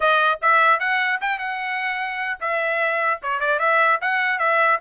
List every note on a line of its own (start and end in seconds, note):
0.00 0.39 D#5
0.41 0.79 E5
0.79 1.19 F#5
1.21 1.38 G5
1.38 2.38 F#5
2.40 3.20 E5
3.22 3.39 C#5
3.39 3.59 D5
3.59 3.99 E5
4.01 4.38 F#5
4.38 4.78 E5